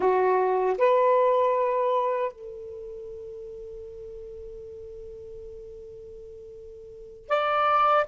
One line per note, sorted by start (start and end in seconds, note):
0.00 0.77 F#4
0.78 2.31 B4
2.31 7.28 A4
7.28 8.05 D5